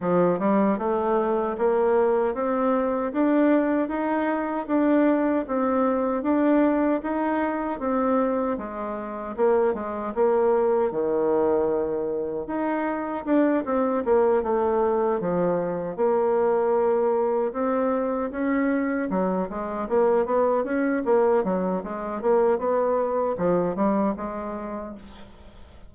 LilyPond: \new Staff \with { instrumentName = "bassoon" } { \time 4/4 \tempo 4 = 77 f8 g8 a4 ais4 c'4 | d'4 dis'4 d'4 c'4 | d'4 dis'4 c'4 gis4 | ais8 gis8 ais4 dis2 |
dis'4 d'8 c'8 ais8 a4 f8~ | f8 ais2 c'4 cis'8~ | cis'8 fis8 gis8 ais8 b8 cis'8 ais8 fis8 | gis8 ais8 b4 f8 g8 gis4 | }